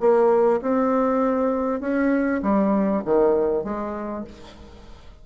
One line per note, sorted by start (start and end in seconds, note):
0.00 0.61 A#3
0.62 1.81 C4
1.81 2.41 C#4
2.42 3.03 G3
3.05 3.64 D#3
3.64 4.25 G#3